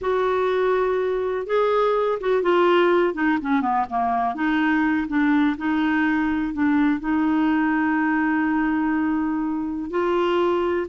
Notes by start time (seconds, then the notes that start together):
0.01 F#4
1.46 G#4
2.20 F#4
2.42 F4
3.14 D#4
3.41 C#4
3.61 B3
3.89 A#3
4.34 D#4
5.08 D4
5.57 D#4
6.53 D4
6.99 D#4
9.90 F4